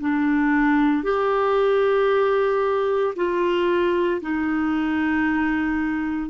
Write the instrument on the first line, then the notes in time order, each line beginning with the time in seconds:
clarinet
0.00 D4
1.04 G4
3.16 F4
4.22 D#4